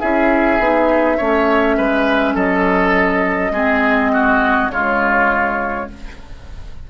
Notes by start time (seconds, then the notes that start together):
0.00 C#4 E4 G#4 E5
0.59 B3 D#4
1.17 A3 C#4 C#5
1.77 G#3 B4
2.34 F#3 A4 D#5
3.51 G#3 C4 G#4
4.13 F#4
4.70 C#3 G#3 F4 C#5